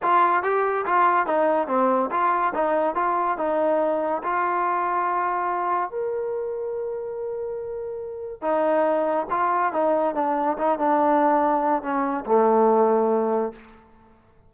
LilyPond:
\new Staff \with { instrumentName = "trombone" } { \time 4/4 \tempo 4 = 142 f'4 g'4 f'4 dis'4 | c'4 f'4 dis'4 f'4 | dis'2 f'2~ | f'2 ais'2~ |
ais'1 | dis'2 f'4 dis'4 | d'4 dis'8 d'2~ d'8 | cis'4 a2. | }